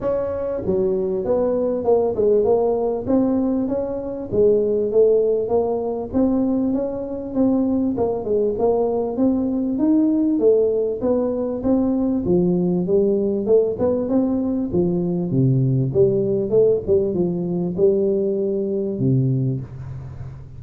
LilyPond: \new Staff \with { instrumentName = "tuba" } { \time 4/4 \tempo 4 = 98 cis'4 fis4 b4 ais8 gis8 | ais4 c'4 cis'4 gis4 | a4 ais4 c'4 cis'4 | c'4 ais8 gis8 ais4 c'4 |
dis'4 a4 b4 c'4 | f4 g4 a8 b8 c'4 | f4 c4 g4 a8 g8 | f4 g2 c4 | }